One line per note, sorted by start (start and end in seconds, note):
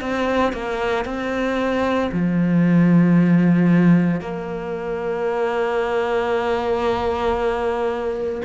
0.00 0.53 C4
0.53 1.05 A#3
1.05 2.10 C4
2.11 4.21 F3
4.21 8.42 A#3